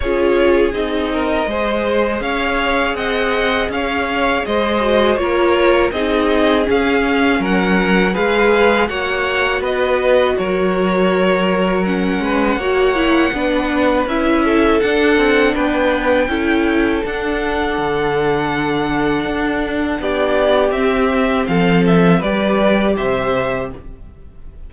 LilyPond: <<
  \new Staff \with { instrumentName = "violin" } { \time 4/4 \tempo 4 = 81 cis''4 dis''2 f''4 | fis''4 f''4 dis''4 cis''4 | dis''4 f''4 fis''4 f''4 | fis''4 dis''4 cis''2 |
fis''2. e''4 | fis''4 g''2 fis''4~ | fis''2. d''4 | e''4 f''8 e''8 d''4 e''4 | }
  \new Staff \with { instrumentName = "violin" } { \time 4/4 gis'4. ais'8 c''4 cis''4 | dis''4 cis''4 c''4 ais'4 | gis'2 ais'4 b'4 | cis''4 b'4 ais'2~ |
ais'8 b'8 cis''4 b'4. a'8~ | a'4 b'4 a'2~ | a'2. g'4~ | g'4 a'4 b'4 c''4 | }
  \new Staff \with { instrumentName = "viola" } { \time 4/4 f'4 dis'4 gis'2~ | gis'2~ gis'8 fis'8 f'4 | dis'4 cis'2 gis'4 | fis'1 |
cis'4 fis'8 e'8 d'4 e'4 | d'2 e'4 d'4~ | d'1 | c'2 g'2 | }
  \new Staff \with { instrumentName = "cello" } { \time 4/4 cis'4 c'4 gis4 cis'4 | c'4 cis'4 gis4 ais4 | c'4 cis'4 fis4 gis4 | ais4 b4 fis2~ |
fis8 gis8 ais4 b4 cis'4 | d'8 c'8 b4 cis'4 d'4 | d2 d'4 b4 | c'4 f4 g4 c4 | }
>>